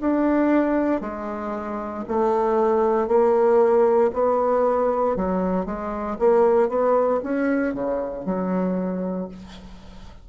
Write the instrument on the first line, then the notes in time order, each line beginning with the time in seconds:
bassoon
0.00 D4
1.01 G#3
2.08 A3
3.08 A#3
4.13 B3
5.16 F#3
5.66 G#3
6.18 A#3
6.69 B3
7.23 C#4
7.74 C#3
8.25 F#3